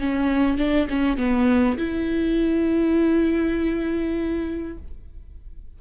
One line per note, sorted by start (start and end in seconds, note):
0.00 0.58 C#4
0.58 0.88 D4
0.90 1.18 C#4
1.18 1.78 B3
1.78 4.78 E4